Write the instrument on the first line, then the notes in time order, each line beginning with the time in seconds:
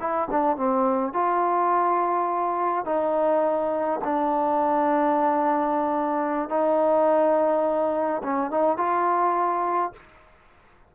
trombone
0.00 E4
0.31 D4
0.57 C4
1.14 F4
2.85 D#4
4.04 D4
6.50 D#4
8.23 C#4
8.51 D#4
8.78 F4